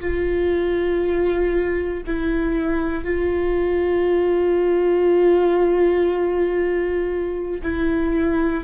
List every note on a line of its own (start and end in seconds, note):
0.00 2.03 F4
2.06 3.04 E4
3.04 7.62 F4
7.62 8.64 E4